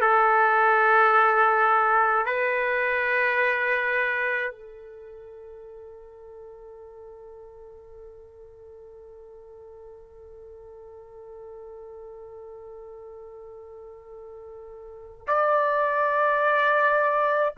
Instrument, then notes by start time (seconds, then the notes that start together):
trumpet
0.00 A4
2.25 B4
4.51 A4
15.27 D5